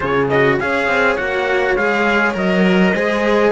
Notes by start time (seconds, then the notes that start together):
0.00 C#3 F4 G#4 C#5
0.29 F#4 D#5
0.59 C#4 G#4 C#5 F5
0.87 C4
1.16 A#3 F#4 F#5
1.76 G#3 G#4 F5
2.34 F#3 A#4 D#5
2.93 G#3 G#4 C5